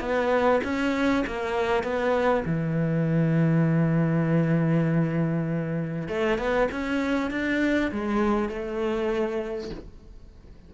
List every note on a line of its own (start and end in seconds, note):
0.00 0.61 B3
0.64 1.24 C#4
1.27 1.83 A#3
1.83 2.44 B3
2.45 6.08 E3
6.08 6.38 A3
6.38 6.68 B3
6.71 7.30 C#4
7.30 7.91 D4
7.91 8.49 G#3
8.49 9.70 A3